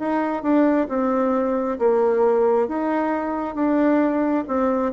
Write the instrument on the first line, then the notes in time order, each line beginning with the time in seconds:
bassoon
0.00 D#4
0.43 D4
0.89 C4
1.80 A#3
2.69 D#4
3.55 D4
4.48 C4